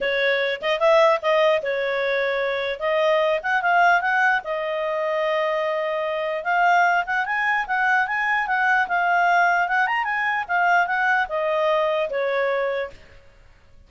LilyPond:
\new Staff \with { instrumentName = "clarinet" } { \time 4/4 \tempo 4 = 149 cis''4. dis''8 e''4 dis''4 | cis''2. dis''4~ | dis''8 fis''8 f''4 fis''4 dis''4~ | dis''1 |
f''4. fis''8 gis''4 fis''4 | gis''4 fis''4 f''2 | fis''8 ais''8 gis''4 f''4 fis''4 | dis''2 cis''2 | }